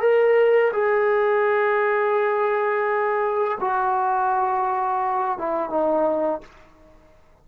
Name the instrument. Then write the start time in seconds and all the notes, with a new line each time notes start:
trombone
0.00 A#4
0.72 G#4
3.60 F#4
5.38 E4
5.69 D#4